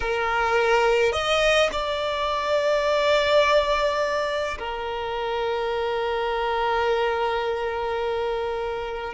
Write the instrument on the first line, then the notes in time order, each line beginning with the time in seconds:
violin
0.00 A#4
1.12 D#5
1.72 D5
4.58 A#4